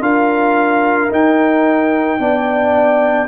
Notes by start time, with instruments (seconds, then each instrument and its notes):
0.00 tuba D4, trombone F4, horn A#4, trumpet F5
1.10 trombone D#4, tuba D#4, trumpet G5
2.18 tuba B3, trombone D4, horn D5